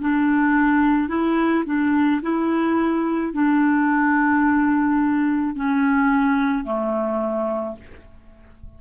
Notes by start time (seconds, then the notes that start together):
0.00 D4
1.08 E4
1.66 D4
2.22 E4
3.33 D4
5.56 C#4
6.64 A3